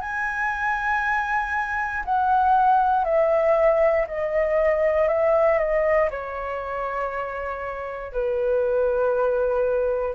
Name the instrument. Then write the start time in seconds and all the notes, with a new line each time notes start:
flute
0.00 G#5
2.05 F#5
3.04 E5
4.07 D#5
5.08 E5
5.58 D#5
6.10 C#5
8.12 B4